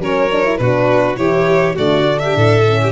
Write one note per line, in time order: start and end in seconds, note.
0.00 0.59 F#3
0.00 0.30 C#4
0.00 0.60 A#4
0.00 0.57 C#5
0.32 0.44 D4
0.44 0.59 E4
0.57 1.17 B2
0.57 1.17 D4
0.57 1.19 F#4
0.57 1.16 B4
1.17 1.76 E3
1.17 1.75 E4
1.17 1.75 G4
1.17 1.76 C#5
1.75 2.36 D3
1.75 2.05 A3
1.75 2.19 F#4
1.75 2.19 D5
2.06 2.65 D4
2.19 2.37 G4
2.19 2.92 E5
2.36 2.92 A2
2.36 2.81 A4
2.66 2.92 C#4
2.83 2.92 G4